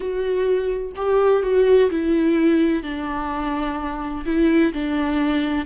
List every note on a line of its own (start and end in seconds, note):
0.00 0.91 F#4
0.96 1.42 G4
1.42 1.89 F#4
1.90 2.82 E4
2.82 4.24 D4
4.25 4.72 E4
4.73 5.65 D4